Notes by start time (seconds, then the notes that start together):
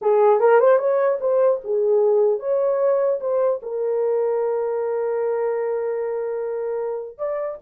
0.01 G#4
0.40 A#4
0.59 C5
0.78 C#5
1.20 C5
1.63 G#4
2.39 C#5
3.20 C5
3.62 A#4
7.18 D5